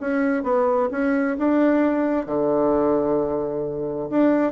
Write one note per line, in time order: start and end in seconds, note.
0.00 0.43 C#4
0.43 0.89 B3
0.91 1.37 C#4
1.38 2.26 D4
2.26 4.09 D3
4.10 4.52 D4